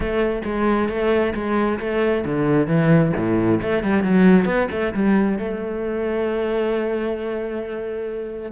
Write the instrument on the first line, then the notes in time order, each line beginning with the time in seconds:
cello
0.00 A3
0.44 G#3
0.88 A3
1.34 G#3
1.79 A3
2.25 D3
2.67 E3
3.16 A2
3.61 A3
3.83 G3
4.03 F#3
4.45 B3
4.71 A3
4.94 G3
5.38 A3